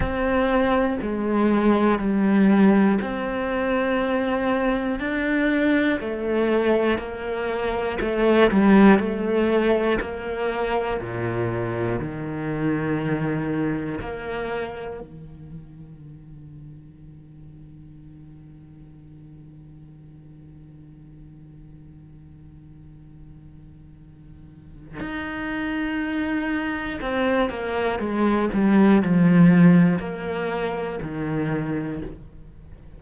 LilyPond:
\new Staff \with { instrumentName = "cello" } { \time 4/4 \tempo 4 = 60 c'4 gis4 g4 c'4~ | c'4 d'4 a4 ais4 | a8 g8 a4 ais4 ais,4 | dis2 ais4 dis4~ |
dis1~ | dis1~ | dis4 dis'2 c'8 ais8 | gis8 g8 f4 ais4 dis4 | }